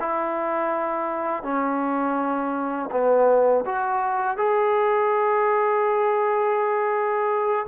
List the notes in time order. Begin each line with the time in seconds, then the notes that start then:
0.00 E4
1.43 C#4
2.91 B3
3.66 F#4
4.37 G#4